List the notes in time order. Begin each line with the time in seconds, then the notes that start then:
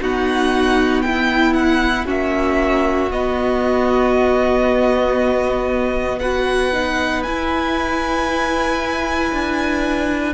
0.00 B3 D#4 F#4 F#5
1.01 E4 G5
1.53 F#5
2.05 A#3 C#4 F#4 E5
3.11 B3 D#5
6.19 F#4 B4 F#5
6.72 D#4
7.23 E4 G#5
9.32 D4